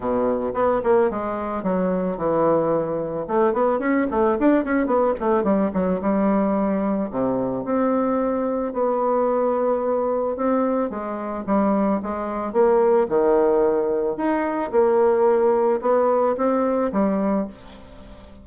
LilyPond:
\new Staff \with { instrumentName = "bassoon" } { \time 4/4 \tempo 4 = 110 b,4 b8 ais8 gis4 fis4 | e2 a8 b8 cis'8 a8 | d'8 cis'8 b8 a8 g8 fis8 g4~ | g4 c4 c'2 |
b2. c'4 | gis4 g4 gis4 ais4 | dis2 dis'4 ais4~ | ais4 b4 c'4 g4 | }